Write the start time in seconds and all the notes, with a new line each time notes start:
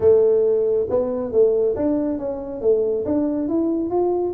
0.00 A3
0.89 B3
1.32 A3
1.76 D4
2.18 C#4
2.61 A3
3.05 D4
3.48 E4
3.90 F4